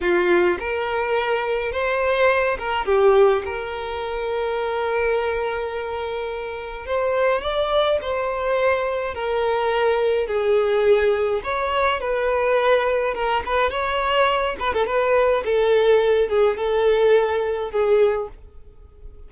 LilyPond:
\new Staff \with { instrumentName = "violin" } { \time 4/4 \tempo 4 = 105 f'4 ais'2 c''4~ | c''8 ais'8 g'4 ais'2~ | ais'1 | c''4 d''4 c''2 |
ais'2 gis'2 | cis''4 b'2 ais'8 b'8 | cis''4. b'16 a'16 b'4 a'4~ | a'8 gis'8 a'2 gis'4 | }